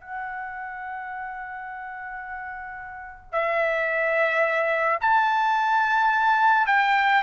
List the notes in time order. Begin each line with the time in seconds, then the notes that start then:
0.00 F#5
3.32 E5
5.01 A5
6.67 G5